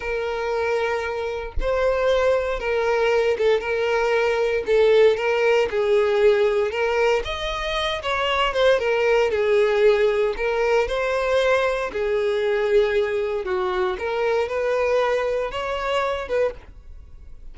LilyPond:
\new Staff \with { instrumentName = "violin" } { \time 4/4 \tempo 4 = 116 ais'2. c''4~ | c''4 ais'4. a'8 ais'4~ | ais'4 a'4 ais'4 gis'4~ | gis'4 ais'4 dis''4. cis''8~ |
cis''8 c''8 ais'4 gis'2 | ais'4 c''2 gis'4~ | gis'2 fis'4 ais'4 | b'2 cis''4. b'8 | }